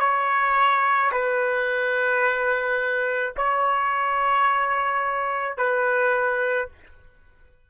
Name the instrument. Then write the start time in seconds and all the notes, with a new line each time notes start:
trumpet
0.00 C#5
1.12 B4
3.37 C#5
5.58 B4